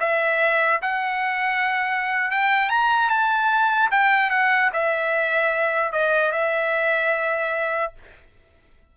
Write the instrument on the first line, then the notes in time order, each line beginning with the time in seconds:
trumpet
0.00 E5
0.82 F#5
2.31 G5
2.69 A#5
3.09 A5
3.91 G5
4.30 F#5
4.73 E5
5.92 D#5
6.32 E5